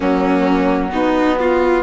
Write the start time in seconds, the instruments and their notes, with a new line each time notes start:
0.00 bassoon F#3, viola A#3, violin C#4, flute F#4
0.89 viola B3, bassoon B3, violin D#4
1.39 violin F4